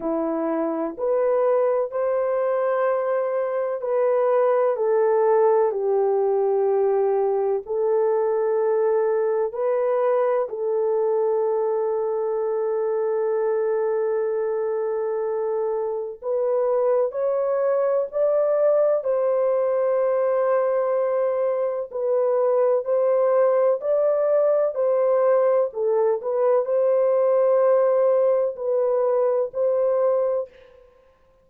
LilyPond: \new Staff \with { instrumentName = "horn" } { \time 4/4 \tempo 4 = 63 e'4 b'4 c''2 | b'4 a'4 g'2 | a'2 b'4 a'4~ | a'1~ |
a'4 b'4 cis''4 d''4 | c''2. b'4 | c''4 d''4 c''4 a'8 b'8 | c''2 b'4 c''4 | }